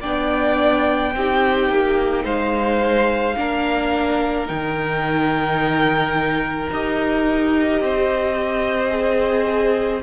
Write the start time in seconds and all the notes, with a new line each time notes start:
0.00 B3 D4 D5 G5
1.13 C4 D#4 G4
1.69 A#3
2.24 G#3 C5 F5
3.36 A#3 D4 A#4
4.46 D#3 D#4 G5
6.70 D#4 G4 D#5
7.80 C4 C5
8.90 G#4